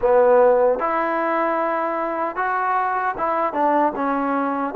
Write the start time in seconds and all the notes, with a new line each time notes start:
0.01 B3
0.79 E4
2.35 F#4
3.17 E4
3.53 D4
3.95 C#4